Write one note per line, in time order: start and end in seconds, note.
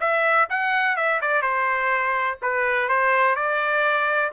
0.00 0.48 E5
0.49 0.96 F#5
0.96 1.20 E5
1.21 1.42 D5
1.42 2.38 C5
2.41 2.88 B4
2.88 3.35 C5
3.35 4.31 D5